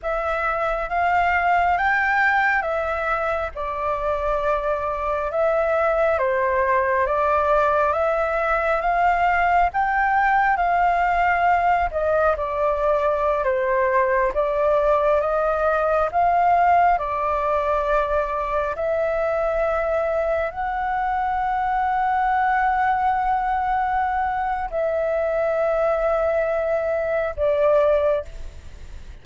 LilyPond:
\new Staff \with { instrumentName = "flute" } { \time 4/4 \tempo 4 = 68 e''4 f''4 g''4 e''4 | d''2 e''4 c''4 | d''4 e''4 f''4 g''4 | f''4. dis''8 d''4~ d''16 c''8.~ |
c''16 d''4 dis''4 f''4 d''8.~ | d''4~ d''16 e''2 fis''8.~ | fis''1 | e''2. d''4 | }